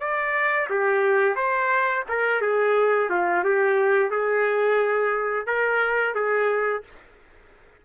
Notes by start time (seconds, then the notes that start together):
0.00 D5
0.70 G4
1.35 C5
2.09 A#4
2.41 G#4
3.10 F4
3.44 G4
4.10 G#4
5.46 A#4
6.15 G#4